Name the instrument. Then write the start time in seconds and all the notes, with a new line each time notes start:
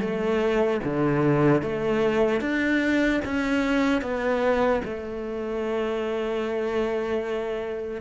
cello
0.00 A3
0.83 D3
1.62 A3
2.41 D4
3.24 C#4
4.01 B3
4.84 A3